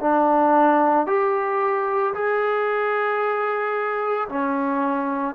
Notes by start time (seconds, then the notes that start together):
0.00 D4
1.07 G4
2.14 G#4
4.29 C#4